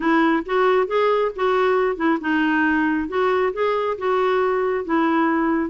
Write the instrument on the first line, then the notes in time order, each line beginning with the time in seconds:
clarinet
0.00 E4
0.45 F#4
0.87 G#4
1.35 F#4
1.96 E4
2.20 D#4
3.08 F#4
3.53 G#4
3.97 F#4
4.84 E4